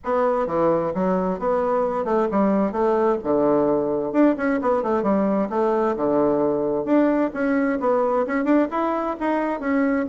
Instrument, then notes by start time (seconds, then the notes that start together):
bassoon
0.04 B3
0.46 E3
0.94 F#3
1.39 B3
2.04 A3
2.31 G3
2.71 A3
3.23 D3
4.12 D4
4.37 C#4
4.61 B3
4.82 A3
5.02 G3
5.49 A3
5.96 D3
6.84 D4
7.33 C#4
7.80 B3
8.27 C#4
8.44 D4
8.70 E4
9.20 D#4
9.60 C#4